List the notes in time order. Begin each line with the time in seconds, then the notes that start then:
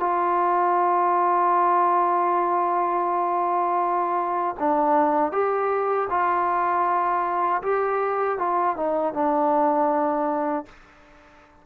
0.00 F4
4.59 D4
5.32 G4
6.10 F4
7.63 G4
8.39 F4
8.77 D#4
9.14 D4